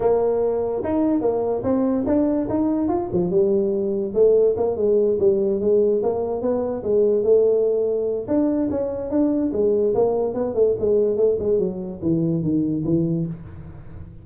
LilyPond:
\new Staff \with { instrumentName = "tuba" } { \time 4/4 \tempo 4 = 145 ais2 dis'4 ais4 | c'4 d'4 dis'4 f'8 f8 | g2 a4 ais8 gis8~ | gis8 g4 gis4 ais4 b8~ |
b8 gis4 a2~ a8 | d'4 cis'4 d'4 gis4 | ais4 b8 a8 gis4 a8 gis8 | fis4 e4 dis4 e4 | }